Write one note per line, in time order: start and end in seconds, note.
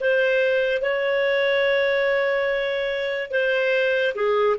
0.00 0.81 C5
0.81 3.31 C#5
3.31 4.14 C5
4.15 4.56 G#4